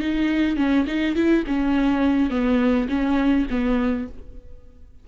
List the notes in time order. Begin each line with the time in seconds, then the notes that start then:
0.00 D#4
0.57 C#4
0.87 D#4
1.16 E4
1.47 C#4
2.30 B3
2.89 C#4
3.50 B3